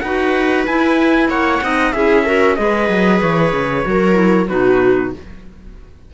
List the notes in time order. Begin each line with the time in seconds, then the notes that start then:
0.00 D#4 F#4 B4 F#5
0.66 E4 G#5
1.28 A#3 C#5 F#5
1.61 C4 D#4 D#5
1.92 C#4 E4 G#4 E5
2.25 F#4 A#4
2.55 G#3 G#4 B4 D#5
2.89 F#3
3.21 E3 C#5
3.52 C#3
3.84 F#3 F#4 A#4
4.13 E4
4.48 B2 D#4 F#4 B4